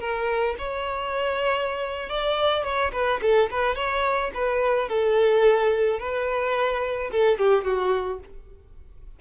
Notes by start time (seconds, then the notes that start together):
0.00 A#4
0.58 C#5
2.10 D5
2.64 C#5
2.92 B4
3.22 A4
3.51 B4
3.76 C#5
4.34 B4
4.88 A4
5.99 B4
7.12 A4
7.38 G4
7.64 F#4